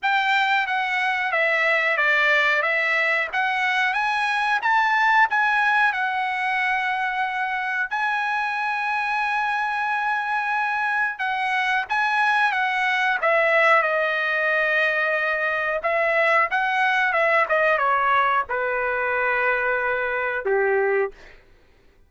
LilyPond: \new Staff \with { instrumentName = "trumpet" } { \time 4/4 \tempo 4 = 91 g''4 fis''4 e''4 d''4 | e''4 fis''4 gis''4 a''4 | gis''4 fis''2. | gis''1~ |
gis''4 fis''4 gis''4 fis''4 | e''4 dis''2. | e''4 fis''4 e''8 dis''8 cis''4 | b'2. g'4 | }